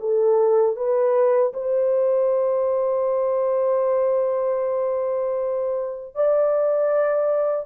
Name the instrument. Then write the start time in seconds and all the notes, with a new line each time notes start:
horn
0.00 A4
0.76 B4
1.53 C5
6.15 D5